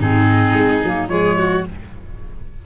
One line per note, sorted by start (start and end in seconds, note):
0.00 0.54 G#2
0.00 0.84 C4
0.00 1.11 D#4
0.00 1.09 G#4
0.54 0.81 G#3
0.84 1.09 F#3
0.84 1.08 A#3
1.08 1.64 F3
1.08 1.63 G#3
1.08 1.38 G#4
1.08 1.64 C#5
1.38 1.66 F#4